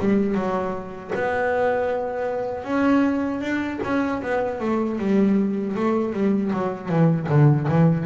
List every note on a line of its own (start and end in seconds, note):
0.00 0.35 G3
0.35 1.12 F#3
1.15 2.65 B3
2.65 3.41 C#4
3.41 3.80 D4
3.84 4.22 C#4
4.23 4.61 B3
4.61 4.99 A3
4.99 5.76 G3
5.76 6.14 A3
6.14 6.52 G3
6.53 6.90 F#3
6.90 7.28 E3
7.30 7.68 D3
7.69 8.07 E3